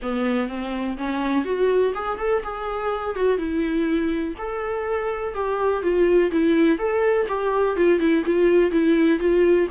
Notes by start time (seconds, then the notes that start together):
0.02 B3
0.48 C4
0.97 C#4
1.44 F#4
1.94 G#4
2.18 A4
2.43 G#4
3.15 F#4
3.37 E4
4.38 A4
5.34 G4
5.82 F4
6.31 E4
6.78 A4
7.28 G4
7.76 F4
7.99 E4
8.25 F4
8.71 E4
9.19 F4